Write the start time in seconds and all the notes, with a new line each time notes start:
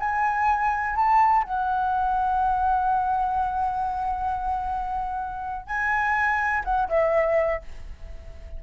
0.00 G#5
0.96 A5
1.44 F#5
5.67 G#5
6.65 F#5
6.89 E5